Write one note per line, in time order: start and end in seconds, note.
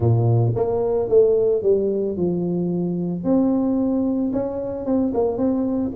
0.00 0.53 A#2
0.55 1.08 A#3
1.08 1.62 A3
1.62 2.16 G3
2.16 3.24 F3
3.24 4.32 C4
4.32 4.85 C#4
4.85 5.12 C4
5.14 5.37 A#3
5.37 5.91 C4